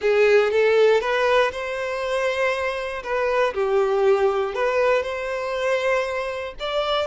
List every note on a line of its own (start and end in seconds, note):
0.01 0.51 G#4
0.51 1.00 A4
1.00 1.51 B4
1.51 3.03 C5
3.03 3.53 B4
3.54 4.54 G4
4.54 5.02 B4
5.02 6.54 C5
6.59 7.07 D5